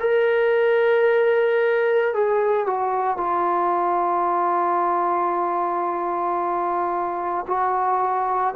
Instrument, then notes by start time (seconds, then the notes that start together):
trombone
0.00 A#4
2.14 G#4
2.66 F#4
3.17 F4
7.47 F#4